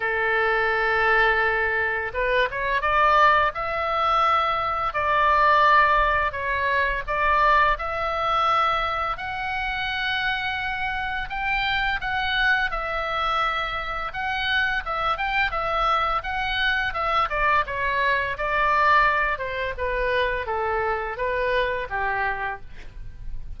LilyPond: \new Staff \with { instrumentName = "oboe" } { \time 4/4 \tempo 4 = 85 a'2. b'8 cis''8 | d''4 e''2 d''4~ | d''4 cis''4 d''4 e''4~ | e''4 fis''2. |
g''4 fis''4 e''2 | fis''4 e''8 g''8 e''4 fis''4 | e''8 d''8 cis''4 d''4. c''8 | b'4 a'4 b'4 g'4 | }